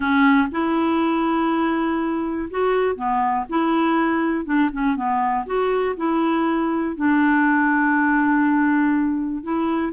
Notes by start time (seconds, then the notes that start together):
0.00 C#4
0.51 E4
2.50 F#4
2.95 B3
3.49 E4
4.45 D4
4.72 C#4
4.96 B3
5.45 F#4
5.96 E4
6.96 D4
9.43 E4